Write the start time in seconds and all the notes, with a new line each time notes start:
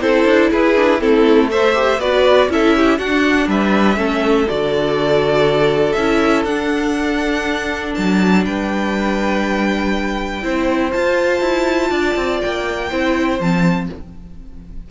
0.00 C4 E4 A4 C5
0.25 D4
0.50 E4 G#4 B4
0.75 D4
0.99 A3 C4 E4 A4
1.50 A4 C5 E5
1.73 G4
1.98 B3 F#4 B4 D5
2.49 C#4 E4 A4 E5
2.76 G4
2.98 D4 F#4 F#5
3.47 G3 B4 E5
3.95 A3 C#4 A4
4.48 D3 F#4 D5
5.92 C#4 E5
5.98 E4
6.44 D4 F#5
7.94 F#3 A5
8.45 G3 B4 G5
10.42 C4 E4 C5
10.91 F4 A5
11.40 E4
11.90 D4 D5
12.15 C4
12.41 A#3 G5
12.89 C4 E4 C5
13.39 F3 C4 A5